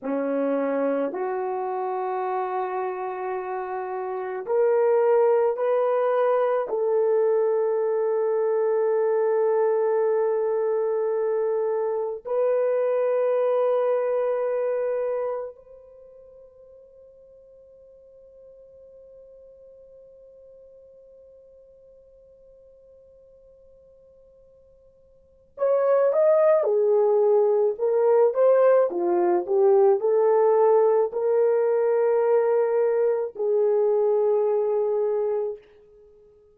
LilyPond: \new Staff \with { instrumentName = "horn" } { \time 4/4 \tempo 4 = 54 cis'4 fis'2. | ais'4 b'4 a'2~ | a'2. b'4~ | b'2 c''2~ |
c''1~ | c''2. cis''8 dis''8 | gis'4 ais'8 c''8 f'8 g'8 a'4 | ais'2 gis'2 | }